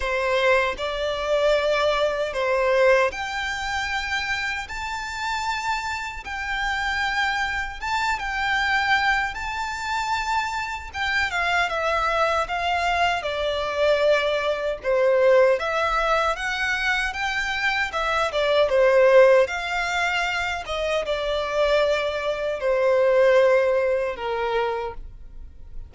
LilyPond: \new Staff \with { instrumentName = "violin" } { \time 4/4 \tempo 4 = 77 c''4 d''2 c''4 | g''2 a''2 | g''2 a''8 g''4. | a''2 g''8 f''8 e''4 |
f''4 d''2 c''4 | e''4 fis''4 g''4 e''8 d''8 | c''4 f''4. dis''8 d''4~ | d''4 c''2 ais'4 | }